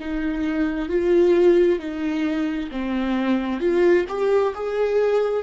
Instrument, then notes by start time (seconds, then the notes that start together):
viola
0.00 D#4
0.89 F4
1.79 D#4
2.71 C4
3.60 F4
4.09 G4
4.55 G#4